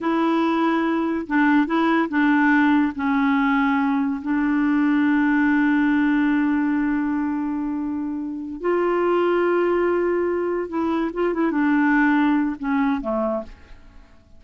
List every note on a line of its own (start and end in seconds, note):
0.00 1.26 E4
1.27 1.66 D4
1.66 2.08 E4
2.08 2.92 D4
2.95 4.21 C#4
4.22 8.61 D4
8.61 10.69 F4
10.69 11.11 E4
11.13 11.33 F4
11.33 11.51 E4
11.51 12.55 D4
12.59 13.01 C#4
13.01 13.43 A3